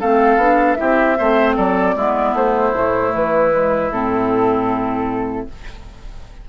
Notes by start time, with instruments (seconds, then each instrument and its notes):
0.00 bassoon A3, clarinet C4, oboe A4, flute F5
0.37 bassoon B3, clarinet D4
0.75 clarinet E4, oboe G4, flute E5
0.81 bassoon C4
1.18 bassoon A3, clarinet C4, oboe C5
1.56 bassoon F#3, oboe A4, flute D5
1.95 bassoon G#3, clarinet B3, oboe E4
2.33 bassoon A3, flute C5
2.74 bassoon A2, clarinet A3
3.14 bassoon E3, flute B4
3.51 clarinet G#3
3.90 bassoon A2, clarinet C4, flute A4